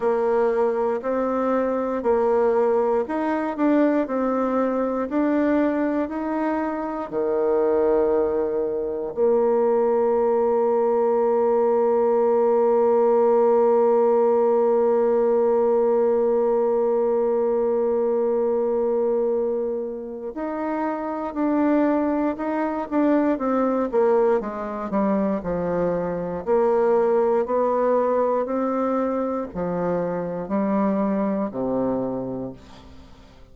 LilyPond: \new Staff \with { instrumentName = "bassoon" } { \time 4/4 \tempo 4 = 59 ais4 c'4 ais4 dis'8 d'8 | c'4 d'4 dis'4 dis4~ | dis4 ais2.~ | ais1~ |
ais1 | dis'4 d'4 dis'8 d'8 c'8 ais8 | gis8 g8 f4 ais4 b4 | c'4 f4 g4 c4 | }